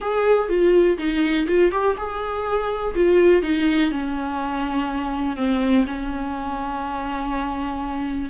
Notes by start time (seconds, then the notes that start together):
0.00 G#4
0.49 F4
0.98 D#4
1.47 F4
1.71 G4
1.97 G#4
2.95 F4
3.42 D#4
3.91 C#4
5.36 C4
5.86 C#4